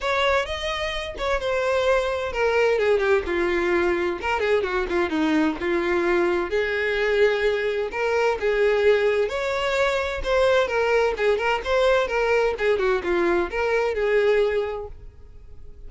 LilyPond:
\new Staff \with { instrumentName = "violin" } { \time 4/4 \tempo 4 = 129 cis''4 dis''4. cis''8 c''4~ | c''4 ais'4 gis'8 g'8 f'4~ | f'4 ais'8 gis'8 fis'8 f'8 dis'4 | f'2 gis'2~ |
gis'4 ais'4 gis'2 | cis''2 c''4 ais'4 | gis'8 ais'8 c''4 ais'4 gis'8 fis'8 | f'4 ais'4 gis'2 | }